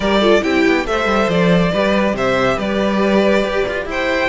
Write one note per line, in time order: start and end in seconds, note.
0.00 0.41 G3
0.00 0.21 G4
0.00 0.20 A#4
0.00 0.43 D5
0.20 0.40 F4
0.20 0.41 A4
0.40 0.65 C4
0.40 0.84 E4
0.40 0.86 G4
0.40 0.86 G5
0.66 0.87 B3
0.85 1.05 A3
0.85 1.72 A4
0.85 1.72 C5
0.85 1.29 E5
1.05 1.26 G3
1.28 1.71 F3
1.28 2.16 D5
1.72 2.13 G3
1.72 4.29 G4
1.72 2.15 B4
2.13 2.56 C3
2.13 2.56 C5
2.13 2.58 E5
2.56 3.44 G3
2.56 3.85 B4
2.56 3.88 D5
3.44 3.65 G4
3.68 3.85 F4
3.85 4.28 E4
3.85 4.29 C5
3.85 4.29 G5